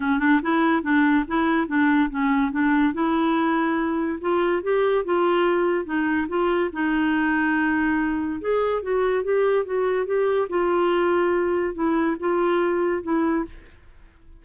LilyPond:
\new Staff \with { instrumentName = "clarinet" } { \time 4/4 \tempo 4 = 143 cis'8 d'8 e'4 d'4 e'4 | d'4 cis'4 d'4 e'4~ | e'2 f'4 g'4 | f'2 dis'4 f'4 |
dis'1 | gis'4 fis'4 g'4 fis'4 | g'4 f'2. | e'4 f'2 e'4 | }